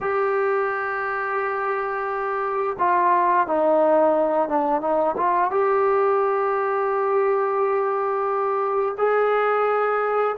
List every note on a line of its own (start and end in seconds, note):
0.01 2.76 G4
2.78 3.47 F4
3.47 4.48 D#4
4.48 4.81 D4
4.81 5.15 D#4
5.17 5.50 F4
5.50 8.95 G4
8.97 10.35 G#4